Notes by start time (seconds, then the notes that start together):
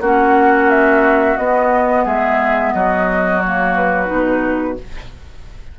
0.00 A#3 C#4 F#4 F#5
0.70 E5
1.37 B3 D#5
2.04 G#3 G#4 E5
2.73 F#3 F#4 D#5
3.41 A#3 C#5
3.75 B4
4.06 B2 D#4